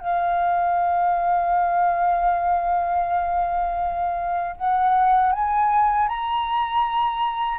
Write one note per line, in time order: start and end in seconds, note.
0.00 4.56 F5
4.56 5.32 F#5
5.32 6.08 G#5
6.08 7.58 A#5